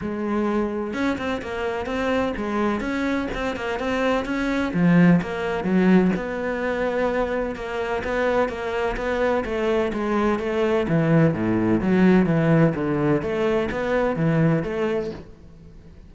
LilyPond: \new Staff \with { instrumentName = "cello" } { \time 4/4 \tempo 4 = 127 gis2 cis'8 c'8 ais4 | c'4 gis4 cis'4 c'8 ais8 | c'4 cis'4 f4 ais4 | fis4 b2. |
ais4 b4 ais4 b4 | a4 gis4 a4 e4 | a,4 fis4 e4 d4 | a4 b4 e4 a4 | }